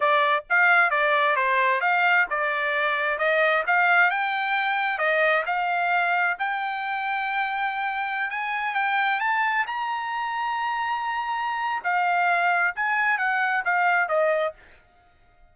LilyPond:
\new Staff \with { instrumentName = "trumpet" } { \time 4/4 \tempo 4 = 132 d''4 f''4 d''4 c''4 | f''4 d''2 dis''4 | f''4 g''2 dis''4 | f''2 g''2~ |
g''2~ g''16 gis''4 g''8.~ | g''16 a''4 ais''2~ ais''8.~ | ais''2 f''2 | gis''4 fis''4 f''4 dis''4 | }